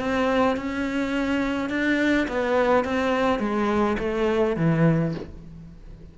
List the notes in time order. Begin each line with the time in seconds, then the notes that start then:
0.00 C4
0.57 C#4
1.70 D4
2.28 B3
2.85 C4
3.40 G#3
3.99 A3
4.57 E3